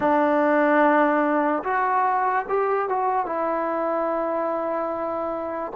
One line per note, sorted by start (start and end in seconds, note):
0.00 1.63 D4
1.63 2.45 F#4
2.48 2.88 G4
2.88 3.25 F#4
3.25 5.72 E4